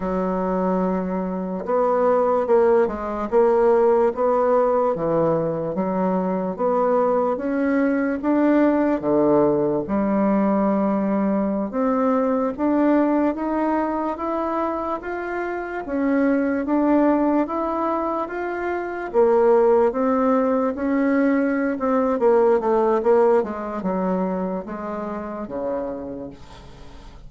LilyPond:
\new Staff \with { instrumentName = "bassoon" } { \time 4/4 \tempo 4 = 73 fis2 b4 ais8 gis8 | ais4 b4 e4 fis4 | b4 cis'4 d'4 d4 | g2~ g16 c'4 d'8.~ |
d'16 dis'4 e'4 f'4 cis'8.~ | cis'16 d'4 e'4 f'4 ais8.~ | ais16 c'4 cis'4~ cis'16 c'8 ais8 a8 | ais8 gis8 fis4 gis4 cis4 | }